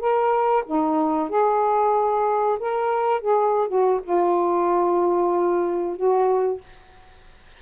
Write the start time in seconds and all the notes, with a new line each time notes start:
0.00 A#4
0.66 D#4
1.30 G#4
2.60 A#4
3.21 G#4
3.68 F#4
4.04 F4
5.97 F#4